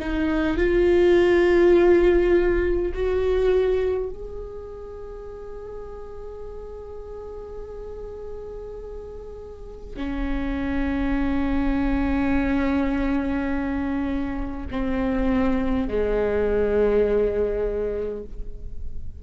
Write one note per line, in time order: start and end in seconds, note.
0.00 0.58 D#4
0.58 2.93 F4
2.94 4.10 F#4
4.10 9.97 G#4
9.97 14.67 C#4
14.71 15.88 C4
15.88 18.24 G#3